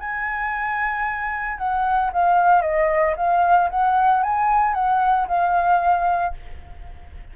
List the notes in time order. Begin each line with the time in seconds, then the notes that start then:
0.00 G#5
1.58 F#5
2.13 F5
2.61 D#5
3.16 F5
3.70 F#5
4.23 G#5
4.74 F#5
5.28 F5